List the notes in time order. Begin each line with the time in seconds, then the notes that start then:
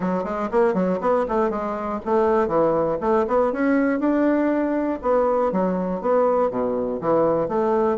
0.00 F#3
0.24 G#3
0.51 A#3
0.74 F#3
1.00 B3
1.28 A3
1.50 G#3
2.05 A3
2.47 E3
3.00 A3
3.27 B3
3.52 C#4
3.99 D4
5.02 B3
5.51 F#3
6.01 B3
6.50 B2
7.00 E3
7.48 A3